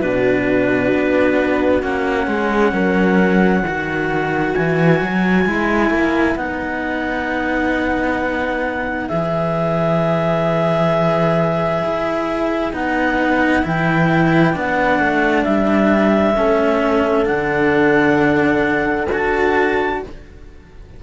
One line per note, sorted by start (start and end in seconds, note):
0.00 0.93 B2
0.00 1.82 D4
0.00 2.27 F#4
0.00 1.82 B4
0.93 1.83 B3
1.82 2.27 A#3
1.82 3.64 C#4
1.82 4.54 F#5
2.27 2.72 G#3
2.27 2.73 G#4
2.72 3.63 F#3
2.72 3.63 A#4
3.63 4.54 D#3
3.63 5.47 F#4
3.63 16.36 B4
4.54 5.01 E3
4.54 6.36 G#5
5.01 5.46 F#3
5.46 5.90 G#3
5.46 6.38 E4
5.90 6.35 A#3
6.35 9.08 B3
6.35 9.09 D#4
6.35 9.08 F#5
9.08 11.83 E3
9.08 12.73 G#4
9.08 12.72 E5
11.84 12.73 E4
12.73 13.64 B3
12.73 13.62 D#4
12.73 13.66 F#5
13.62 14.56 E3
13.62 14.53 E4
13.62 14.58 G5
14.53 15.00 B3
14.53 16.35 D4
14.53 15.44 F#5
15.00 15.45 A3
15.44 16.37 G3
15.44 17.25 E5
16.36 17.29 A3
16.36 17.25 C#4
16.36 20.00 A4
17.25 19.10 D3
17.25 19.07 D4
17.25 19.07 F#5
19.10 20.01 D4
19.10 20.03 F#4
19.10 20.03 A5